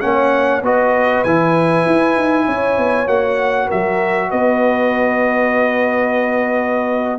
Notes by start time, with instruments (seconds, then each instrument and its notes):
0.00 tuba A#3, trombone C#4, horn C#5, trumpet F#5
0.62 tuba B3, trombone F#4, horn B4, trumpet D#5
1.24 tuba E3, trombone E4, trumpet G#5
1.86 tuba E4
2.16 tuba D#4
2.46 tuba C#4, horn C#5
2.77 tuba B3
3.07 tuba A#3, trombone F#4, trumpet F#5
3.66 tuba F#3, horn A#4, trumpet E5
4.30 tuba B3, horn B4, trumpet D#5